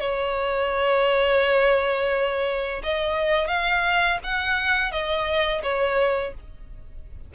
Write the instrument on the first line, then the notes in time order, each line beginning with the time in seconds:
violin
0.00 C#5
2.83 D#5
3.48 F5
4.24 F#5
4.92 D#5
5.63 C#5